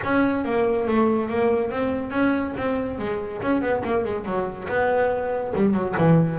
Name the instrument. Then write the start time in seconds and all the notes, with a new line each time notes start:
double bass
0.03 C#4
0.44 A#3
0.87 A3
1.29 A#3
1.70 C4
2.10 C#4
2.57 C4
2.98 G#3
3.42 C#4
3.61 B3
3.84 A#3
4.04 G#3
4.25 F#3
4.68 B3
5.55 G3
5.73 F#3
5.97 E3